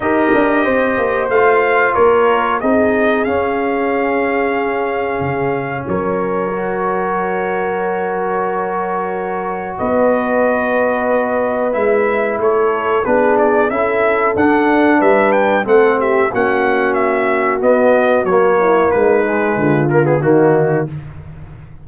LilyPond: <<
  \new Staff \with { instrumentName = "trumpet" } { \time 4/4 \tempo 4 = 92 dis''2 f''4 cis''4 | dis''4 f''2.~ | f''4 cis''2.~ | cis''2. dis''4~ |
dis''2 e''4 cis''4 | b'8 d''8 e''4 fis''4 e''8 g''8 | fis''8 e''8 fis''4 e''4 dis''4 | cis''4 b'4. ais'16 gis'16 fis'4 | }
  \new Staff \with { instrumentName = "horn" } { \time 4/4 ais'4 c''2 ais'4 | gis'1~ | gis'4 ais'2.~ | ais'2. b'4~ |
b'2. a'4 | gis'4 a'2 b'4 | a'8 g'8 fis'2.~ | fis'8 e'8 dis'4 f'4 dis'4 | }
  \new Staff \with { instrumentName = "trombone" } { \time 4/4 g'2 f'2 | dis'4 cis'2.~ | cis'2 fis'2~ | fis'1~ |
fis'2 e'2 | d'4 e'4 d'2 | c'4 cis'2 b4 | ais4. gis4 ais16 b16 ais4 | }
  \new Staff \with { instrumentName = "tuba" } { \time 4/4 dis'8 d'8 c'8 ais8 a4 ais4 | c'4 cis'2. | cis4 fis2.~ | fis2. b4~ |
b2 gis4 a4 | b4 cis'4 d'4 g4 | a4 ais2 b4 | fis4 gis4 d4 dis4 | }
>>